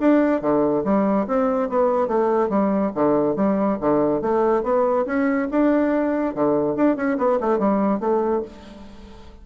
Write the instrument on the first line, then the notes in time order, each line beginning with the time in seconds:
bassoon
0.00 D4
0.41 D3
0.84 G3
1.27 C4
1.69 B3
2.07 A3
2.49 G3
2.95 D3
3.36 G3
3.80 D3
4.22 A3
4.63 B3
5.06 C#4
5.51 D4
6.35 D3
6.76 D4
6.96 C#4
7.18 B3
7.40 A3
7.59 G3
8.00 A3